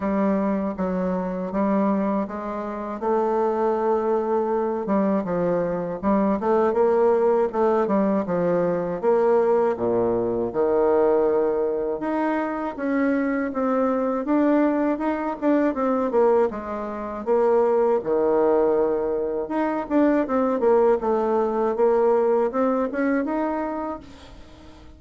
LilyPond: \new Staff \with { instrumentName = "bassoon" } { \time 4/4 \tempo 4 = 80 g4 fis4 g4 gis4 | a2~ a8 g8 f4 | g8 a8 ais4 a8 g8 f4 | ais4 ais,4 dis2 |
dis'4 cis'4 c'4 d'4 | dis'8 d'8 c'8 ais8 gis4 ais4 | dis2 dis'8 d'8 c'8 ais8 | a4 ais4 c'8 cis'8 dis'4 | }